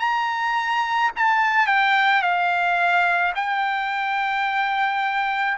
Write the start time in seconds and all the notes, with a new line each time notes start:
0.00 A#5
1.16 A5
1.67 G5
2.22 F5
3.35 G5